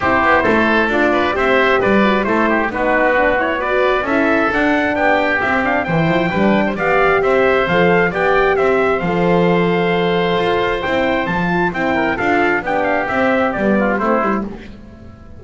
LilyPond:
<<
  \new Staff \with { instrumentName = "trumpet" } { \time 4/4 \tempo 4 = 133 c''2 d''4 e''4 | d''4 c''4 b'4. cis''8 | d''4 e''4 fis''4 g''4 | e''8 f''8 g''2 f''4 |
e''4 f''4 g''4 e''4 | f''1 | g''4 a''4 g''4 f''4 | g''8 f''8 e''4 d''4 c''4 | }
  \new Staff \with { instrumentName = "oboe" } { \time 4/4 g'4 a'4. b'8 c''4 | b'4 a'8 g'8 fis'2 | b'4 a'2 g'4~ | g'4 c''4 b'8. c''16 d''4 |
c''2 d''4 c''4~ | c''1~ | c''2~ c''8 ais'8 a'4 | g'2~ g'8 f'8 e'4 | }
  \new Staff \with { instrumentName = "horn" } { \time 4/4 e'2 f'4 g'4~ | g'8 fis'8 e'4 dis'4 d'8 e'8 | fis'4 e'4 d'2 | c'8 d'8 e'4 d'4 g'4~ |
g'4 a'4 g'2 | a'1 | e'4 f'4 e'4 f'4 | d'4 c'4 b4 c'8 e'8 | }
  \new Staff \with { instrumentName = "double bass" } { \time 4/4 c'8 b8 a4 d'4 c'4 | g4 a4 b2~ | b4 cis'4 d'4 b4 | c'4 e8 f8 g4 b4 |
c'4 f4 b4 c'4 | f2. f'4 | c'4 f4 c'4 d'4 | b4 c'4 g4 a8 g8 | }
>>